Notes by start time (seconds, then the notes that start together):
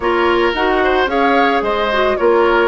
0.00 A#3 F4 A#4 C#5
0.54 D#4 F#4 F#5
0.83 C5
1.06 C#4 G#4 C#5 F5
1.61 G#3 C5 D#5
1.91 F#4
2.16 A#3 F4 A#4 C#5